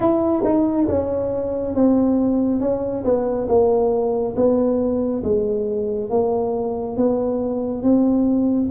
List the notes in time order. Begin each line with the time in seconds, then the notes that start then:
0.00 E4
0.44 D#4
0.88 C#4
1.74 C4
2.60 C#4
3.04 B3
3.48 A#3
4.36 B3
5.23 G#3
6.10 A#3
6.96 B3
7.82 C4